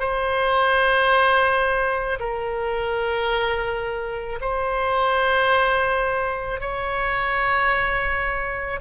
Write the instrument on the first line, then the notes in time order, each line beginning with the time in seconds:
oboe
0.00 C5
2.20 A#4
4.41 C5
6.61 C#5